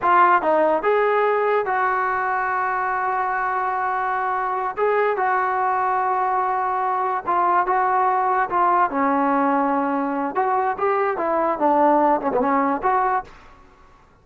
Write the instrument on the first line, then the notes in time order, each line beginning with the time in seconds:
trombone
0.02 F4
0.42 D#4
0.83 G#4
1.65 F#4
4.76 G#4
5.16 F#4
7.26 F4
7.66 F#4
8.49 F4
8.90 C#4
10.35 F#4
10.78 G4
11.17 E4
11.58 D4
12.21 C#4
12.31 B3
12.40 C#4
12.82 F#4